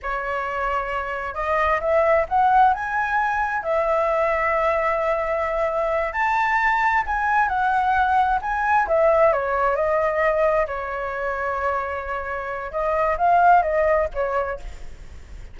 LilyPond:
\new Staff \with { instrumentName = "flute" } { \time 4/4 \tempo 4 = 132 cis''2. dis''4 | e''4 fis''4 gis''2 | e''1~ | e''4. a''2 gis''8~ |
gis''8 fis''2 gis''4 e''8~ | e''8 cis''4 dis''2 cis''8~ | cis''1 | dis''4 f''4 dis''4 cis''4 | }